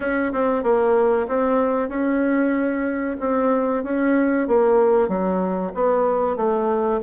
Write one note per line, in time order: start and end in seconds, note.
0.00 0.32 C#4
0.32 0.63 C4
0.63 1.26 A#3
1.28 1.89 C4
1.89 3.16 C#4
3.19 3.83 C4
3.83 4.47 C#4
4.47 5.08 A#3
5.08 5.72 F#3
5.74 6.36 B3
6.36 7.00 A3